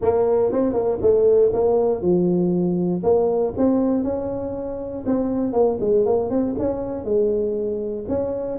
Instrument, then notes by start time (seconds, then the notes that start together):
tuba
0.01 A#3
0.52 C4
0.73 A#3
1.01 A3
1.53 A#3
2.01 F3
3.03 A#3
3.57 C4
4.03 C#4
5.06 C4
5.52 A#3
5.80 G#3
6.05 A#3
6.30 C4
6.58 C#4
7.04 G#3
8.08 C#4